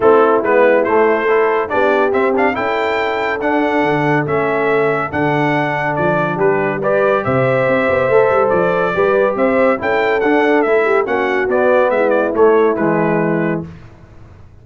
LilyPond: <<
  \new Staff \with { instrumentName = "trumpet" } { \time 4/4 \tempo 4 = 141 a'4 b'4 c''2 | d''4 e''8 f''8 g''2 | fis''2 e''2 | fis''2 d''4 b'4 |
d''4 e''2. | d''2 e''4 g''4 | fis''4 e''4 fis''4 d''4 | e''8 d''8 cis''4 b'2 | }
  \new Staff \with { instrumentName = "horn" } { \time 4/4 e'2. a'4 | g'2 a'2~ | a'1~ | a'2. g'4 |
b'4 c''2.~ | c''4 b'4 c''4 a'4~ | a'4. g'8 fis'2 | e'1 | }
  \new Staff \with { instrumentName = "trombone" } { \time 4/4 c'4 b4 a4 e'4 | d'4 c'8 d'8 e'2 | d'2 cis'2 | d'1 |
g'2. a'4~ | a'4 g'2 e'4 | d'4 e'4 cis'4 b4~ | b4 a4 gis2 | }
  \new Staff \with { instrumentName = "tuba" } { \time 4/4 a4 gis4 a2 | b4 c'4 cis'2 | d'4 d4 a2 | d2 f4 g4~ |
g4 c4 c'8 b8 a8 g8 | f4 g4 c'4 cis'4 | d'4 a4 ais4 b4 | gis4 a4 e2 | }
>>